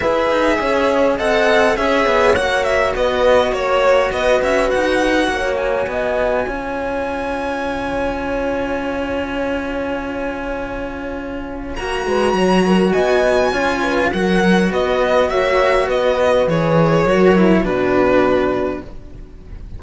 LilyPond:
<<
  \new Staff \with { instrumentName = "violin" } { \time 4/4 \tempo 4 = 102 e''2 fis''4 e''4 | fis''8 e''8 dis''4 cis''4 dis''8 e''8 | fis''4. gis''2~ gis''8~ | gis''1~ |
gis''1 | ais''2 gis''2 | fis''4 dis''4 e''4 dis''4 | cis''2 b'2 | }
  \new Staff \with { instrumentName = "horn" } { \time 4/4 b'4 cis''4 dis''4 cis''4~ | cis''4 b'4 cis''4 b'4~ | b'4 cis''4 dis''4 cis''4~ | cis''1~ |
cis''1~ | cis''8 b'8 cis''8 ais'8 dis''4 cis''8 b'8 | ais'4 b'4 cis''4 b'4~ | b'4 ais'4 fis'2 | }
  \new Staff \with { instrumentName = "cello" } { \time 4/4 gis'2 a'4 gis'4 | fis'1~ | fis'2. f'4~ | f'1~ |
f'1 | fis'2. f'4 | fis'1 | gis'4 fis'8 e'8 d'2 | }
  \new Staff \with { instrumentName = "cello" } { \time 4/4 e'8 dis'8 cis'4 c'4 cis'8 b8 | ais4 b4 ais4 b8 cis'8 | dis'4 ais4 b4 cis'4~ | cis'1~ |
cis'1 | ais8 gis8 fis4 b4 cis'4 | fis4 b4 ais4 b4 | e4 fis4 b,2 | }
>>